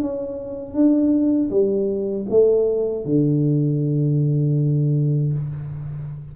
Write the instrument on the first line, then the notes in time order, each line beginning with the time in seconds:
tuba
0.00 C#4
0.74 D4
1.50 G3
2.30 A3
3.05 D3